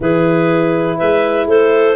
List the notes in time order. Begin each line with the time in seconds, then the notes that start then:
0.00 E3 E4 G#4 B4
0.97 G#3 B4 E5
1.46 A3 A4 C5